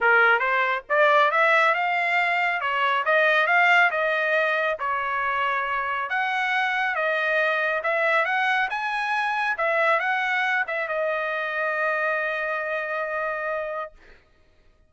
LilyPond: \new Staff \with { instrumentName = "trumpet" } { \time 4/4 \tempo 4 = 138 ais'4 c''4 d''4 e''4 | f''2 cis''4 dis''4 | f''4 dis''2 cis''4~ | cis''2 fis''2 |
dis''2 e''4 fis''4 | gis''2 e''4 fis''4~ | fis''8 e''8 dis''2.~ | dis''1 | }